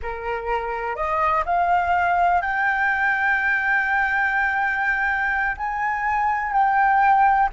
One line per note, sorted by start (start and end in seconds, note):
0.02 0.95 A#4
0.95 1.44 D#5
1.45 2.41 F5
2.41 5.56 G5
5.57 6.52 G#5
6.52 7.49 G5